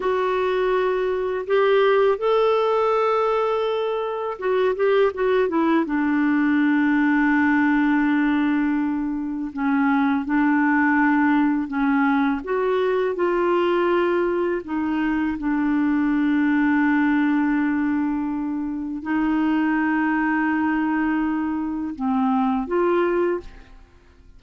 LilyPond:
\new Staff \with { instrumentName = "clarinet" } { \time 4/4 \tempo 4 = 82 fis'2 g'4 a'4~ | a'2 fis'8 g'8 fis'8 e'8 | d'1~ | d'4 cis'4 d'2 |
cis'4 fis'4 f'2 | dis'4 d'2.~ | d'2 dis'2~ | dis'2 c'4 f'4 | }